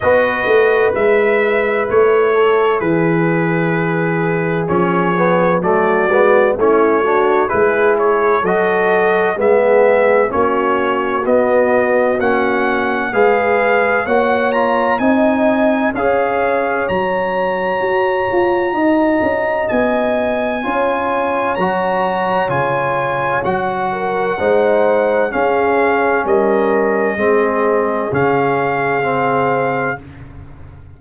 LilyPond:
<<
  \new Staff \with { instrumentName = "trumpet" } { \time 4/4 \tempo 4 = 64 dis''4 e''4 cis''4 b'4~ | b'4 cis''4 d''4 cis''4 | b'8 cis''8 dis''4 e''4 cis''4 | dis''4 fis''4 f''4 fis''8 ais''8 |
gis''4 f''4 ais''2~ | ais''4 gis''2 ais''4 | gis''4 fis''2 f''4 | dis''2 f''2 | }
  \new Staff \with { instrumentName = "horn" } { \time 4/4 b'2~ b'8 a'8 gis'4~ | gis'2 fis'4 e'8 fis'8 | gis'4 a'4 gis'4 fis'4~ | fis'2 b'4 cis''4 |
dis''4 cis''2. | dis''2 cis''2~ | cis''4. ais'8 c''4 gis'4 | ais'4 gis'2. | }
  \new Staff \with { instrumentName = "trombone" } { \time 4/4 fis'4 e'2.~ | e'4 cis'8 b8 a8 b8 cis'8 d'8 | e'4 fis'4 b4 cis'4 | b4 cis'4 gis'4 fis'8 f'8 |
dis'4 gis'4 fis'2~ | fis'2 f'4 fis'4 | f'4 fis'4 dis'4 cis'4~ | cis'4 c'4 cis'4 c'4 | }
  \new Staff \with { instrumentName = "tuba" } { \time 4/4 b8 a8 gis4 a4 e4~ | e4 f4 fis8 gis8 a4 | gis4 fis4 gis4 ais4 | b4 ais4 gis4 ais4 |
c'4 cis'4 fis4 fis'8 f'8 | dis'8 cis'8 b4 cis'4 fis4 | cis4 fis4 gis4 cis'4 | g4 gis4 cis2 | }
>>